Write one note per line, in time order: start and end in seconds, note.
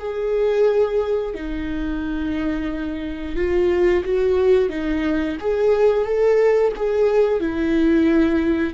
0.00 1.35 G#4
1.35 3.36 D#4
3.36 4.04 F4
4.05 4.70 F#4
4.70 5.37 D#4
5.41 6.06 G#4
6.06 6.73 A4
6.76 7.41 G#4
7.41 8.74 E4